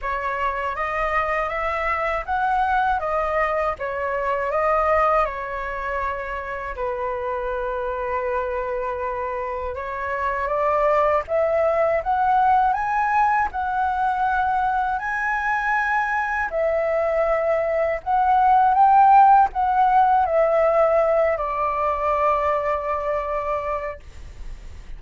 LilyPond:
\new Staff \with { instrumentName = "flute" } { \time 4/4 \tempo 4 = 80 cis''4 dis''4 e''4 fis''4 | dis''4 cis''4 dis''4 cis''4~ | cis''4 b'2.~ | b'4 cis''4 d''4 e''4 |
fis''4 gis''4 fis''2 | gis''2 e''2 | fis''4 g''4 fis''4 e''4~ | e''8 d''2.~ d''8 | }